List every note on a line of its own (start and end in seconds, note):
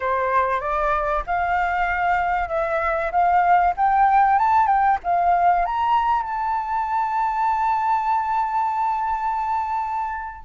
0.00 0.60 C5
0.60 1.23 D5
1.26 2.48 F5
2.48 3.11 E5
3.11 3.74 F5
3.76 4.38 G5
4.38 4.66 A5
4.66 4.97 G5
5.03 5.65 F5
5.65 6.22 A#5
6.22 10.44 A5